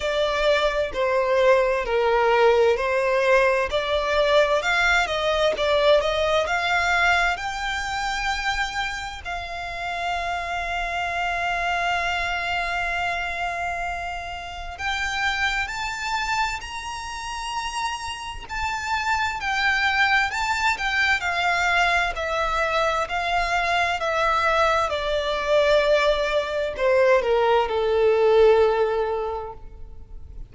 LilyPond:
\new Staff \with { instrumentName = "violin" } { \time 4/4 \tempo 4 = 65 d''4 c''4 ais'4 c''4 | d''4 f''8 dis''8 d''8 dis''8 f''4 | g''2 f''2~ | f''1 |
g''4 a''4 ais''2 | a''4 g''4 a''8 g''8 f''4 | e''4 f''4 e''4 d''4~ | d''4 c''8 ais'8 a'2 | }